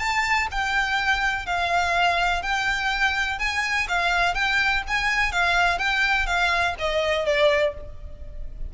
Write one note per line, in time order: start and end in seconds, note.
0.00 0.48 A5
0.52 1.46 G5
1.46 2.43 F5
2.43 3.39 G5
3.39 3.88 G#5
3.89 4.35 F5
4.35 4.83 G5
4.88 5.32 G#5
5.32 5.79 F5
5.79 6.27 G5
6.27 6.75 F5
6.79 7.26 D#5
7.26 7.74 D5